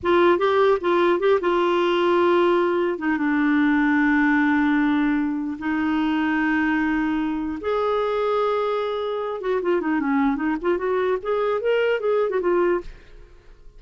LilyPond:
\new Staff \with { instrumentName = "clarinet" } { \time 4/4 \tempo 4 = 150 f'4 g'4 f'4 g'8 f'8~ | f'2.~ f'8 dis'8 | d'1~ | d'2 dis'2~ |
dis'2. gis'4~ | gis'2.~ gis'8 fis'8 | f'8 dis'8 cis'4 dis'8 f'8 fis'4 | gis'4 ais'4 gis'8. fis'16 f'4 | }